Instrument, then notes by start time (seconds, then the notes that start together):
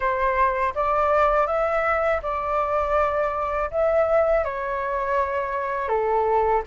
flute
0.00 C5
0.74 D5
1.46 E5
2.22 D5
3.70 E5
4.44 C#5
5.88 A4